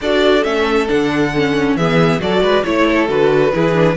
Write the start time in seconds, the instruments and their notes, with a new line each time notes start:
0.01 cello D4, viola F#4, violin A4 D5
0.42 cello A3, viola C#4, violin E5
0.87 cello D3, viola D4, violin F#5
1.35 viola C#4
1.75 cello E3, viola B3, violin G#4 E5
2.19 cello F#3, viola F#4, violin A4 D5
2.41 cello G#3, violin B4
2.63 cello A3, viola E4, violin C#5
2.87 violin A4
3.07 cello D3, viola F#4, violin B4
3.52 cello E3, viola E4, violin G#4
3.74 viola D4